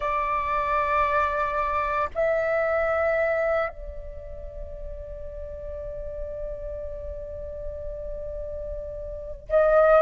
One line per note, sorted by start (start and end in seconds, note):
0.00 2.09 D5
2.14 3.68 E5
3.68 9.47 D5
9.49 10.01 D#5